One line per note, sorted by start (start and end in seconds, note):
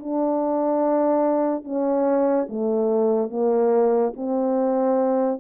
0.00 1.64 D4
1.64 2.48 C#4
2.49 3.30 A3
3.30 4.13 A#3
4.16 5.40 C4